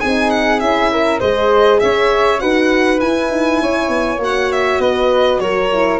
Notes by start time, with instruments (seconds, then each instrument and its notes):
0.00 tuba C4, horn D#4, flute G#4, violin G#5
0.30 violin F#5
0.60 tuba C#4, horn E4, violin E5
0.92 flute A#4
1.20 tuba G#3, horn G#4, flute C5, violin D#5
1.80 tuba C#4, flute C#5, violin E5
2.40 tuba D#4, horn F#4, flute B4, violin F#5
2.99 horn E4, tuba E4, violin G#5
3.30 tuba D#4
3.61 tuba C#4, flute C#5
3.89 tuba B3
4.18 tuba A#3, horn F#4
4.24 violin F#5
4.52 violin E5
4.79 tuba B3, flute B4, violin D#5
5.40 tuba F#3, flute A#4, violin C#5
5.72 horn E4